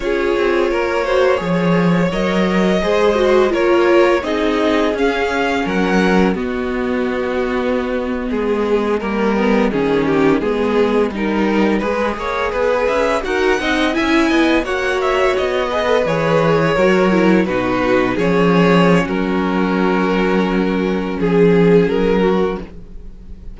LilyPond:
<<
  \new Staff \with { instrumentName = "violin" } { \time 4/4 \tempo 4 = 85 cis''2. dis''4~ | dis''4 cis''4 dis''4 f''4 | fis''4 dis''2.~ | dis''1~ |
dis''2~ dis''16 e''8 fis''4 gis''16~ | gis''8. fis''8 e''8 dis''4 cis''4~ cis''16~ | cis''8. b'4 cis''4~ cis''16 ais'4~ | ais'2 gis'4 ais'4 | }
  \new Staff \with { instrumentName = "violin" } { \time 4/4 gis'4 ais'8 c''8 cis''2 | c''4 ais'4 gis'2 | ais'4 fis'2~ fis'8. gis'16~ | gis'8. ais'4 gis'8 g'8 gis'4 ais'16~ |
ais'8. b'8 cis''8 b'4 ais'8 dis''8 e''16~ | e''16 dis''8 cis''4. b'4. ais'16~ | ais'8. fis'4 gis'4~ gis'16 fis'4~ | fis'2 gis'4. fis'8 | }
  \new Staff \with { instrumentName = "viola" } { \time 4/4 f'4. fis'8 gis'4 ais'4 | gis'8 fis'8 f'4 dis'4 cis'4~ | cis'4 b2.~ | b8. ais8 b8 cis'4 b4 dis'16~ |
dis'8. gis'2 fis'8 dis'8 e'16~ | e'8. fis'4. gis'16 a'16 gis'4 fis'16~ | fis'16 e'8 dis'4 cis'2~ cis'16~ | cis'1 | }
  \new Staff \with { instrumentName = "cello" } { \time 4/4 cis'8 c'8 ais4 f4 fis4 | gis4 ais4 c'4 cis'4 | fis4 b2~ b8. gis16~ | gis8. g4 dis4 gis4 g16~ |
g8. gis8 ais8 b8 cis'8 dis'8 c'8 cis'16~ | cis'16 b8 ais4 b4 e4 fis16~ | fis8. b,4 f4~ f16 fis4~ | fis2 f4 fis4 | }
>>